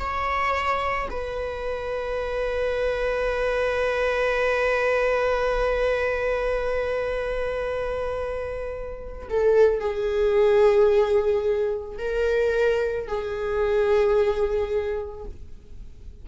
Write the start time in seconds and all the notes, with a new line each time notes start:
0.00 C#5
1.11 B4
9.30 A4
9.80 G#4
11.99 A#4
13.08 G#4